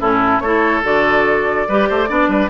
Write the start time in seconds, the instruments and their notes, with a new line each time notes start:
0.00 bassoon A2, clarinet C#4, oboe E4, flute A4
0.40 bassoon A3, clarinet E4, oboe A4, flute C#5
0.83 bassoon D3, clarinet F#4, flute D5
1.68 bassoon G3, clarinet G4, oboe B4
1.89 bassoon A3, oboe C5
2.07 bassoon B3, clarinet D4, oboe D5
2.28 bassoon G3, oboe B4